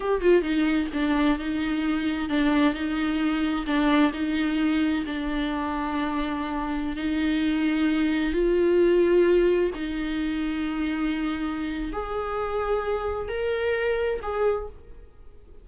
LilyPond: \new Staff \with { instrumentName = "viola" } { \time 4/4 \tempo 4 = 131 g'8 f'8 dis'4 d'4 dis'4~ | dis'4 d'4 dis'2 | d'4 dis'2 d'4~ | d'2.~ d'16 dis'8.~ |
dis'2~ dis'16 f'4.~ f'16~ | f'4~ f'16 dis'2~ dis'8.~ | dis'2 gis'2~ | gis'4 ais'2 gis'4 | }